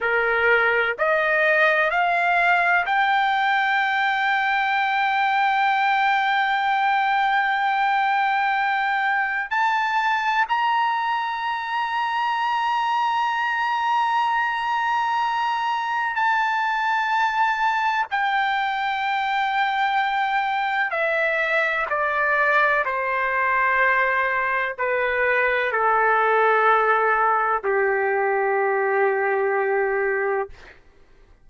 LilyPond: \new Staff \with { instrumentName = "trumpet" } { \time 4/4 \tempo 4 = 63 ais'4 dis''4 f''4 g''4~ | g''1~ | g''2 a''4 ais''4~ | ais''1~ |
ais''4 a''2 g''4~ | g''2 e''4 d''4 | c''2 b'4 a'4~ | a'4 g'2. | }